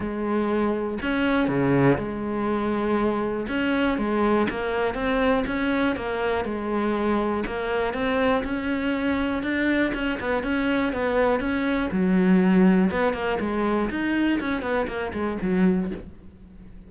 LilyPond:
\new Staff \with { instrumentName = "cello" } { \time 4/4 \tempo 4 = 121 gis2 cis'4 cis4 | gis2. cis'4 | gis4 ais4 c'4 cis'4 | ais4 gis2 ais4 |
c'4 cis'2 d'4 | cis'8 b8 cis'4 b4 cis'4 | fis2 b8 ais8 gis4 | dis'4 cis'8 b8 ais8 gis8 fis4 | }